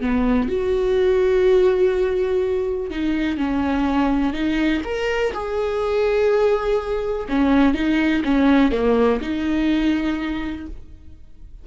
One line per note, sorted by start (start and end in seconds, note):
0.00 0.48 B3
0.48 2.90 F#4
2.90 3.37 D#4
3.37 4.33 C#4
4.33 4.81 D#4
4.84 5.33 A#4
5.33 7.26 G#4
7.28 7.74 C#4
7.74 8.22 D#4
8.24 8.71 C#4
8.71 9.20 A#3
9.21 10.66 D#4